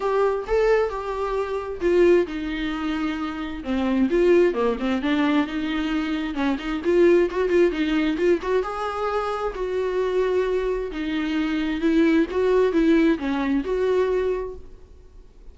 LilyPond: \new Staff \with { instrumentName = "viola" } { \time 4/4 \tempo 4 = 132 g'4 a'4 g'2 | f'4 dis'2. | c'4 f'4 ais8 c'8 d'4 | dis'2 cis'8 dis'8 f'4 |
fis'8 f'8 dis'4 f'8 fis'8 gis'4~ | gis'4 fis'2. | dis'2 e'4 fis'4 | e'4 cis'4 fis'2 | }